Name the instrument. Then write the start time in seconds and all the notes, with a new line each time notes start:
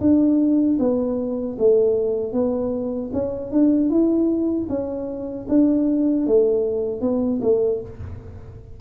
tuba
0.00 D4
0.79 B3
1.59 A3
2.33 B3
3.13 C#4
3.51 D4
3.90 E4
4.69 C#4
5.49 D4
6.27 A3
7.01 B3
7.42 A3